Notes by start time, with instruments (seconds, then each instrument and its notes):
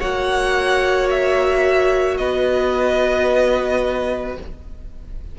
0.00 cello A#3, viola F#4, violin C#5 F#5
1.10 violin E5
2.17 cello B3, violin B4 D#5